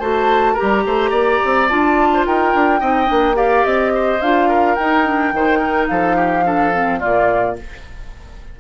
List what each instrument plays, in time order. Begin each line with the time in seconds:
0.00 bassoon A3, clarinet F#4, oboe C5, flute A5
0.54 clarinet G4, oboe A#4, flute A#5
0.62 bassoon G3
0.86 bassoon A3, oboe C5
1.10 bassoon A#3, oboe D5
1.45 bassoon C4
1.69 bassoon D4, clarinet F4, flute A5
2.14 oboe C5
2.26 bassoon D#4, oboe A#4, flute G5
2.55 bassoon D4
2.80 bassoon C4, clarinet D#4, oboe D#5
3.06 bassoon A#3, clarinet D4
3.35 clarinet G4, oboe D5, flute F5
3.65 bassoon C4, flute D#5
3.95 oboe C5
4.21 bassoon D4, clarinet F4, flute F5
4.49 oboe A#4
4.75 clarinet D#4, bassoon D#4, flute G5
5.05 clarinet D4
5.33 bassoon D#3, clarinet D#4, oboe C5
5.59 oboe A#4
5.88 bassoon F3, oboe A4, flute F5
6.17 oboe G4
6.44 clarinet D4, oboe A4
6.74 clarinet C4
7.00 bassoon A#2, clarinet A#3, oboe F4, flute D5